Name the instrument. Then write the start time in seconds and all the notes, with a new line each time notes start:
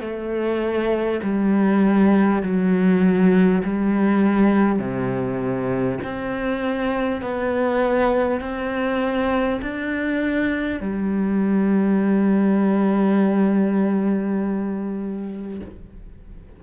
cello
0.00 A3
1.22 G3
2.42 F#3
3.63 G3
4.78 C3
6.03 C4
7.22 B3
8.40 C4
9.62 D4
10.80 G3